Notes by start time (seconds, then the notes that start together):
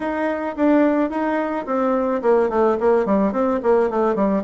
0.00 D#4
0.56 D4
1.10 D#4
1.65 C4
2.22 A#3
2.49 A3
2.80 A#3
3.05 G3
3.32 C4
3.62 A#3
3.89 A3
4.15 G3